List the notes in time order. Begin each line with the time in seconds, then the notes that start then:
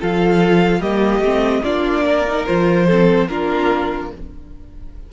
0.00 F3 F4 A4 F5
0.79 G3 A#3 G4 D#5
1.19 A3 C4
1.63 A#3 D4 F4 D5
2.05 A#4
2.28 D#4
2.46 F3 F4 C5
2.86 C4 A4
3.28 A#3 D4 F4 A#4